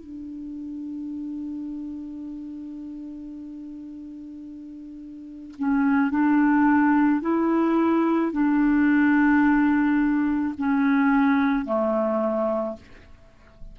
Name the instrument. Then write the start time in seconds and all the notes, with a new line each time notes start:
clarinet
0.00 D4
5.59 C#4
6.11 D4
7.21 E4
8.32 D4
10.58 C#4
11.66 A3